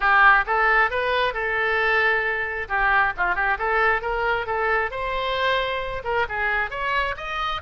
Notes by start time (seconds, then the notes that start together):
0.00 G4
0.46 A4
0.90 B4
1.33 A4
2.68 G4
3.17 F4
3.35 G4
3.58 A4
4.01 A#4
4.46 A4
4.90 C5
6.03 A#4
6.28 G#4
6.70 C#5
7.16 D#5